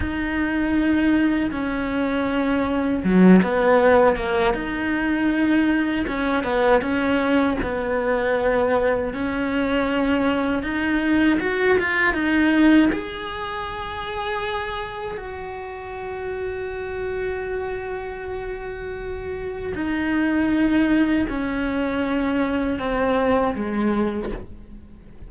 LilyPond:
\new Staff \with { instrumentName = "cello" } { \time 4/4 \tempo 4 = 79 dis'2 cis'2 | fis8 b4 ais8 dis'2 | cis'8 b8 cis'4 b2 | cis'2 dis'4 fis'8 f'8 |
dis'4 gis'2. | fis'1~ | fis'2 dis'2 | cis'2 c'4 gis4 | }